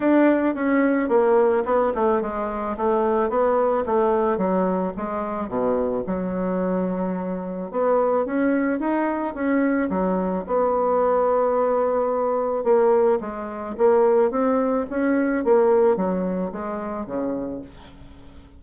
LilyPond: \new Staff \with { instrumentName = "bassoon" } { \time 4/4 \tempo 4 = 109 d'4 cis'4 ais4 b8 a8 | gis4 a4 b4 a4 | fis4 gis4 b,4 fis4~ | fis2 b4 cis'4 |
dis'4 cis'4 fis4 b4~ | b2. ais4 | gis4 ais4 c'4 cis'4 | ais4 fis4 gis4 cis4 | }